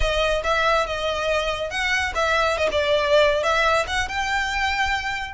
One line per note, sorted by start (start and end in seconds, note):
0.00 0.42 D#5
0.43 0.86 E5
0.86 1.70 D#5
1.70 2.13 F#5
2.14 2.57 E5
2.57 2.68 D#5
2.71 3.43 D5
3.43 3.86 E5
3.87 4.08 F#5
4.08 5.34 G5